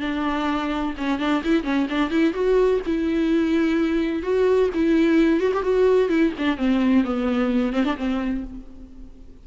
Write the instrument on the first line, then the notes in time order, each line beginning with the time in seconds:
viola
0.00 D4
0.97 C#4
1.19 D4
1.43 E4
1.63 C#4
1.89 D4
2.10 E4
2.33 F#4
2.86 E4
4.22 F#4
4.74 E4
5.40 F#4
5.54 G4
5.62 F#4
6.09 E4
6.38 D4
6.57 C4
7.04 B3
7.72 C4
7.84 D4
7.96 C4